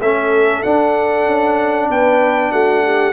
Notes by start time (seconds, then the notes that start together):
0.00 A3 C#4 A4 E5
0.63 D4 F#5
1.26 C#4
1.90 B3 B4 G5
2.52 A3 F#4 F#5
2.84 G4